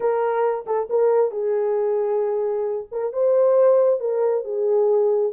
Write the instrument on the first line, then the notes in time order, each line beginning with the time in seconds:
horn
0.00 A#4
0.66 A4
0.89 A#4
1.31 G#4
2.91 A#4
3.12 C5
4.00 A#4
4.44 G#4